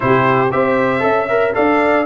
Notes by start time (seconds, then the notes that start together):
0.00 C3 E4 G4 C5
0.51 C4 G4 C5 E5
0.99 C#4 A4 E5
1.29 A#4
1.54 D4 A4 D5 F5